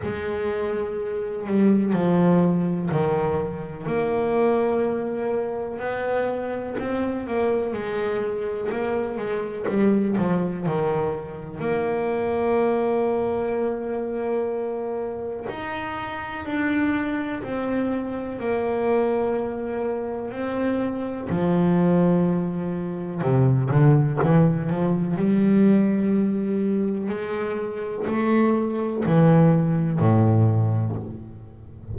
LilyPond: \new Staff \with { instrumentName = "double bass" } { \time 4/4 \tempo 4 = 62 gis4. g8 f4 dis4 | ais2 b4 c'8 ais8 | gis4 ais8 gis8 g8 f8 dis4 | ais1 |
dis'4 d'4 c'4 ais4~ | ais4 c'4 f2 | c8 d8 e8 f8 g2 | gis4 a4 e4 a,4 | }